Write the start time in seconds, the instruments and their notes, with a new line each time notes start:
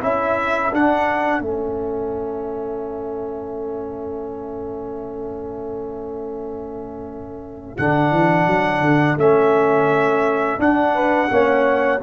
0.00 tuba C#4, trombone E4, horn A4, trumpet E5
0.72 trombone D4, tuba D4, trumpet F#5
1.40 tuba A3, trombone C#4, trumpet E5
7.77 tuba D3, trombone D4, trumpet F#5
8.11 tuba E3
8.47 tuba F#3
8.81 tuba D3
9.17 tuba A3, trombone C#4, trumpet E5
10.58 trombone D4, tuba D4, trumpet F#5
10.94 horn B4
11.29 tuba A#3, trombone C#4, horn C#5